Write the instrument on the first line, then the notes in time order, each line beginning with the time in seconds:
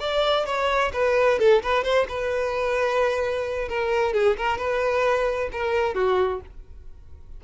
violin
0.00 D5
0.46 C#5
0.93 B4
1.39 A4
1.63 B4
1.84 C5
2.09 B4
3.68 A#4
4.14 G#4
4.37 A#4
4.58 B4
5.52 A#4
5.95 F#4